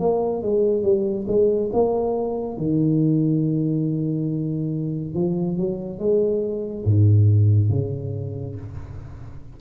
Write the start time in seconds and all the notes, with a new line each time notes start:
0.00 A#3
0.42 G#3
0.83 G3
1.28 G#3
1.73 A#3
2.58 D#3
5.15 F3
5.58 F#3
5.99 G#3
6.85 G#2
7.70 C#3